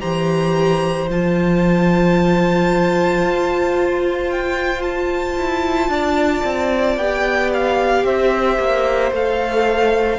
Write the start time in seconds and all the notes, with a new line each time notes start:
0.00 E3 G4 C5 A#5
1.09 F3 F4 A5
3.22 F4
4.31 G5
4.82 A5
5.38 E4
5.88 D4 D5
6.44 C4
6.97 B3 G4 G5
7.53 F5
8.04 C4 C5 E5
8.59 A#3
9.12 A3 A4 F5